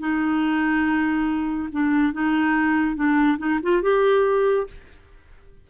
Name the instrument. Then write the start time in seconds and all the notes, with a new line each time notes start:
clarinet
0.00 D#4
1.72 D4
2.13 D#4
2.96 D4
3.38 D#4
3.63 F4
3.82 G4